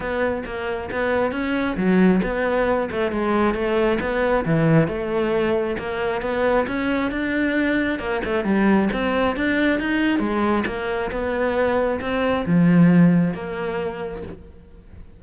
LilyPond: \new Staff \with { instrumentName = "cello" } { \time 4/4 \tempo 4 = 135 b4 ais4 b4 cis'4 | fis4 b4. a8 gis4 | a4 b4 e4 a4~ | a4 ais4 b4 cis'4 |
d'2 ais8 a8 g4 | c'4 d'4 dis'4 gis4 | ais4 b2 c'4 | f2 ais2 | }